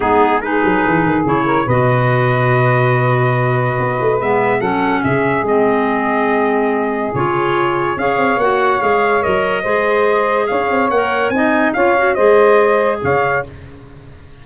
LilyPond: <<
  \new Staff \with { instrumentName = "trumpet" } { \time 4/4 \tempo 4 = 143 gis'4 b'2 cis''4 | dis''1~ | dis''2 e''4 fis''4 | e''4 dis''2.~ |
dis''4 cis''2 f''4 | fis''4 f''4 dis''2~ | dis''4 f''4 fis''4 gis''4 | f''4 dis''2 f''4 | }
  \new Staff \with { instrumentName = "saxophone" } { \time 4/4 dis'4 gis'2~ gis'8 ais'8 | b'1~ | b'2. a'4 | gis'1~ |
gis'2. cis''4~ | cis''2. c''4~ | c''4 cis''2 dis''4 | cis''4 c''2 cis''4 | }
  \new Staff \with { instrumentName = "clarinet" } { \time 4/4 b4 dis'2 e'4 | fis'1~ | fis'2 b4 cis'4~ | cis'4 c'2.~ |
c'4 f'2 gis'4 | fis'4 gis'4 ais'4 gis'4~ | gis'2 ais'4 dis'4 | f'8 fis'8 gis'2. | }
  \new Staff \with { instrumentName = "tuba" } { \time 4/4 gis4. fis8 e8 dis8 cis4 | b,1~ | b,4 b8 a8 gis4 fis4 | cis4 gis2.~ |
gis4 cis2 cis'8 c'8 | ais4 gis4 fis4 gis4~ | gis4 cis'8 c'8 ais4 c'4 | cis'4 gis2 cis4 | }
>>